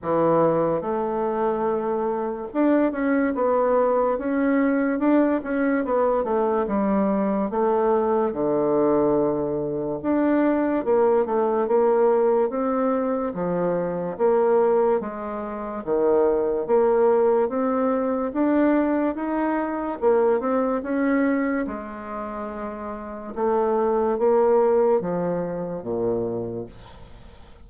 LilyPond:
\new Staff \with { instrumentName = "bassoon" } { \time 4/4 \tempo 4 = 72 e4 a2 d'8 cis'8 | b4 cis'4 d'8 cis'8 b8 a8 | g4 a4 d2 | d'4 ais8 a8 ais4 c'4 |
f4 ais4 gis4 dis4 | ais4 c'4 d'4 dis'4 | ais8 c'8 cis'4 gis2 | a4 ais4 f4 ais,4 | }